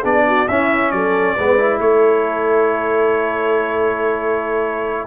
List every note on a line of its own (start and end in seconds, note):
0.00 0.48 B3
0.00 0.47 D4
0.00 0.22 G#4
0.00 0.48 D5
0.27 0.49 F#4
0.48 0.92 C#4
0.48 1.38 C#4
0.48 0.93 E4
0.48 0.91 E5
0.91 1.36 F#3
0.91 1.35 A4
0.91 1.79 D5
1.35 1.79 G#3
1.35 1.58 B3
1.35 1.79 B4
1.58 5.07 E4
1.79 5.07 A3
1.79 5.07 A4
1.79 5.07 C#5